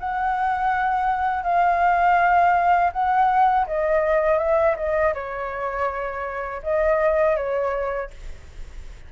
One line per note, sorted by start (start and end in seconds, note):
0.00 1.43 F#5
1.43 2.92 F5
2.93 3.67 F#5
3.67 4.39 D#5
4.39 4.76 E5
4.77 5.14 D#5
5.14 6.63 C#5
6.63 7.37 D#5
7.37 8.11 C#5